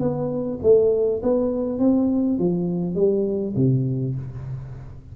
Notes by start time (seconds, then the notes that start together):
0.00 B3
0.63 A3
1.23 B3
1.79 C4
2.39 F3
2.95 G3
3.56 C3